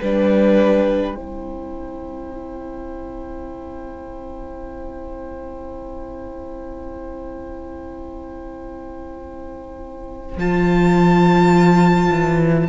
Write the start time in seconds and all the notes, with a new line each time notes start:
0.00 G3 D4 B4 G5
1.14 C4 E4 C5
10.37 F3 F4 A5
12.11 E3